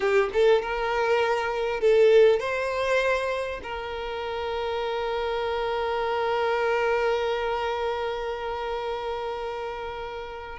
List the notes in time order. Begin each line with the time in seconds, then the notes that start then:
0.00 G4
0.33 A4
0.61 A#4
1.80 A4
2.39 C5
3.63 A#4